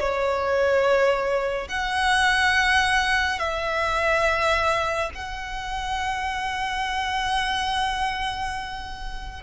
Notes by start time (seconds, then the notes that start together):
0.00 C#5
1.68 F#5
3.39 E5
5.15 F#5